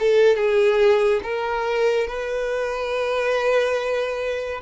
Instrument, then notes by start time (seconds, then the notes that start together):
violin
0.00 A4
0.36 G#4
1.24 A#4
2.08 B4